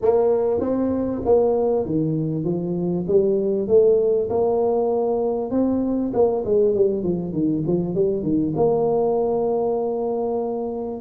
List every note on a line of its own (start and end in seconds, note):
0.01 0.60 A#3
0.60 1.21 C4
1.25 1.85 A#3
1.85 2.44 D#3
2.44 3.05 F3
3.07 3.67 G3
3.67 4.29 A3
4.29 5.50 A#3
5.50 6.12 C4
6.13 6.44 A#3
6.45 6.74 G#3
6.74 7.03 G3
7.03 7.32 F3
7.32 7.63 D#3
7.66 7.94 F3
7.94 8.22 G3
8.22 8.53 D#3
8.55 11.00 A#3